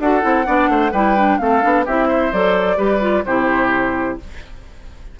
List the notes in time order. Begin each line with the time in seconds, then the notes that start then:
0.00 D4 F#4 A4 F#5
0.22 C4 E4
0.45 B3 D4 D5
0.69 A3 C5
0.92 G3 E4 B4 G5
1.17 D4
1.38 A3 C4 A4 F5
1.62 B3 D4
1.86 C4 E4 G4 E5
2.08 C5
2.33 F#3 A4 D5
2.77 G3 G4 B4
3.01 F4
3.25 C3 E4 G4 C5